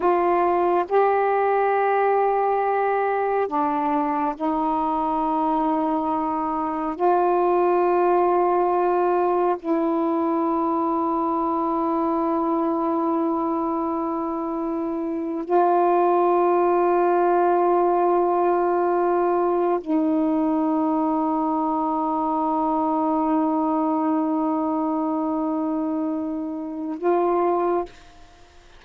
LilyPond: \new Staff \with { instrumentName = "saxophone" } { \time 4/4 \tempo 4 = 69 f'4 g'2. | d'4 dis'2. | f'2. e'4~ | e'1~ |
e'4.~ e'16 f'2~ f'16~ | f'2~ f'8. dis'4~ dis'16~ | dis'1~ | dis'2. f'4 | }